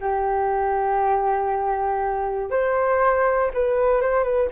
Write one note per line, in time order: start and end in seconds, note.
0.00 2.50 G4
2.50 3.51 C5
3.53 4.01 B4
4.01 4.23 C5
4.23 4.48 B4